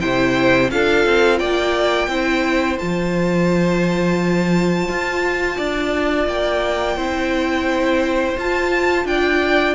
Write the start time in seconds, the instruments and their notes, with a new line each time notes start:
0.00 cello C3, viola E4, violin C5 G5
0.70 cello D4, viola F4, violin A4 F5
1.05 cello C4
1.38 cello A#3, violin D5 G5
2.07 cello C4, viola E4, violin C5
2.78 cello F3, viola F4, violin A5
4.88 cello F4
5.57 cello D4, violin D5
6.26 cello A#3, violin G5
6.96 cello C4, viola E4, violin C5
8.36 cello F4, viola F4, violin A5
9.05 cello D4, violin D5 G5